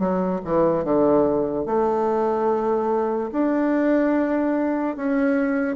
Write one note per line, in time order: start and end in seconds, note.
0.00 0.41 F#3
0.45 0.85 E3
0.85 1.66 D3
1.66 3.31 A3
3.33 4.97 D4
4.97 5.77 C#4